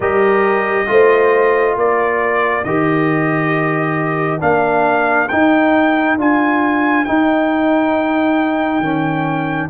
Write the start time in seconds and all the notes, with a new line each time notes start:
0.00 G3 G4 A#4 D#5
0.87 A3 F4 C5
1.76 A#3 A#4 D5
2.64 D#3 G4 D#5
4.39 A#3 D4 F5
5.28 D#4 G5
6.17 D4 F4 G#5
7.04 D#4 G5
8.80 D#3 C#4